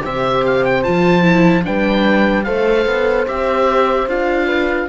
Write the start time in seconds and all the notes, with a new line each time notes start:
0.00 C3 G4 C5 E5
0.45 F5
0.65 G5
0.83 F3 F4 A5
1.22 E4
1.63 G3 D4 B4 G5
2.44 A3 A4 C5 F5
2.86 B3
3.27 C4 G4 E5
4.07 D4 F4 F5
4.47 B4